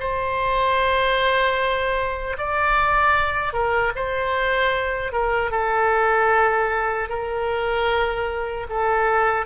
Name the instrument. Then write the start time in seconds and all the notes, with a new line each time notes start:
oboe
0.00 C5
2.38 D5
3.53 A#4
3.96 C5
5.12 A#4
5.51 A4
7.09 A#4
8.69 A4